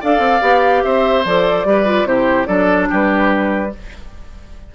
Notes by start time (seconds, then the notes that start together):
0.00 D4 A4 D5 F5
0.18 C4
0.41 B3 G4
0.83 C4 C5 E5
1.24 F3 A4 D5
1.64 G3 G4 B4
1.85 F4
2.04 C3 E4 G4 C5
2.45 F#3 D4 A4 D5
2.89 G3 G4 B4